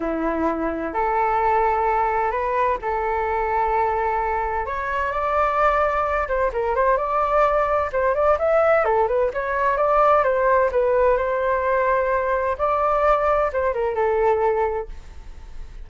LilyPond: \new Staff \with { instrumentName = "flute" } { \time 4/4 \tempo 4 = 129 e'2 a'2~ | a'4 b'4 a'2~ | a'2 cis''4 d''4~ | d''4. c''8 ais'8 c''8 d''4~ |
d''4 c''8 d''8 e''4 a'8 b'8 | cis''4 d''4 c''4 b'4 | c''2. d''4~ | d''4 c''8 ais'8 a'2 | }